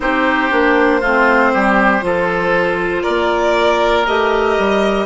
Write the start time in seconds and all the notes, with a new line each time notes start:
0.00 C4 D#4 G4 C5
0.50 A#3 D4
1.00 A3 C4 F4
1.53 G3 G4
2.01 F3 F4 A4
3.02 A#3 A#4 D5
4.06 A3 G4 D#5
4.58 G3